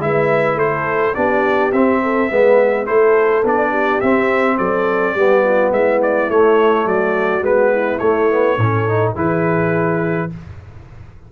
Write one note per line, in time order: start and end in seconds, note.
0.00 0.56 G#3
0.00 1.15 E4
0.00 0.59 B4
0.00 0.59 E5
0.56 1.13 A3
0.56 1.16 A4
0.56 1.15 C5
1.15 1.73 B3
1.15 1.72 D4
1.15 2.02 G4
1.15 1.72 D5
1.73 2.30 C4
1.73 2.31 C4
1.73 2.87 E5
2.03 2.30 A4
2.30 2.88 G#3
2.30 2.87 B3
2.30 2.87 B4
2.87 3.44 A3
2.87 3.44 E4
2.87 3.70 A4
2.87 3.44 C5
3.44 4.01 B3
3.44 4.03 D4
3.44 4.01 D5
3.70 4.56 G4
4.01 4.59 C4
4.01 5.18 C4
4.01 4.58 E5
4.58 5.16 F#3
4.58 5.15 A4
4.58 5.73 D5
5.15 5.72 G3
5.15 6.32 B3
5.15 5.44 G4
5.45 5.73 F4
5.72 6.29 G#3
5.72 6.89 E4
5.72 6.02 E5
6.03 6.31 D5
6.30 6.86 A3
6.30 7.42 A3
6.30 6.88 C#5
6.86 7.41 F#3
6.86 7.72 F#4
6.86 7.45 D5
7.41 7.98 G#3
7.41 7.99 B3
7.41 7.99 B4
7.72 8.58 E4
7.99 8.58 A3
7.99 8.30 A3
7.99 9.13 C#5
8.30 8.59 B3
8.58 9.15 A2
8.58 8.89 C#4
8.58 9.16 A4
8.89 9.16 D#4
9.16 10.30 E3
9.16 10.30 E4
9.16 10.30 G#4
9.16 10.32 B4